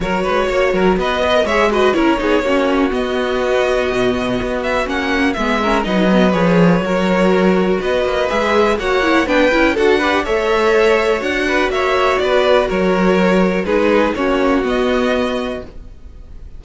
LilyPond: <<
  \new Staff \with { instrumentName = "violin" } { \time 4/4 \tempo 4 = 123 cis''2 dis''4 e''8 dis''8 | cis''2 dis''2~ | dis''4. e''8 fis''4 e''4 | dis''4 cis''2. |
dis''4 e''4 fis''4 g''4 | fis''4 e''2 fis''4 | e''4 d''4 cis''2 | b'4 cis''4 dis''2 | }
  \new Staff \with { instrumentName = "violin" } { \time 4/4 ais'8 b'8 cis''8 ais'8 b'8 dis''8 cis''8 b'8 | ais'8 gis'8 fis'2.~ | fis'2. gis'8 ais'8 | b'2 ais'2 |
b'2 cis''4 b'4 | a'8 b'8 cis''2~ cis''8 b'8 | cis''4 b'4 ais'2 | gis'4 fis'2. | }
  \new Staff \with { instrumentName = "viola" } { \time 4/4 fis'2~ fis'8 b'16 ais'16 gis'8 fis'8 | e'8 dis'8 cis'4 b2~ | b2 cis'4 b8 cis'8 | dis'8 b8 gis'4 fis'2~ |
fis'4 gis'4 fis'8 e'8 d'8 e'8 | fis'8 g'8 a'2 fis'4~ | fis'1 | dis'4 cis'4 b2 | }
  \new Staff \with { instrumentName = "cello" } { \time 4/4 fis8 gis8 ais8 fis8 b4 gis4 | cis'8 b8 ais4 b2 | b,4 b4 ais4 gis4 | fis4 f4 fis2 |
b8 ais8 gis4 ais4 b8 cis'8 | d'4 a2 d'4 | ais4 b4 fis2 | gis4 ais4 b2 | }
>>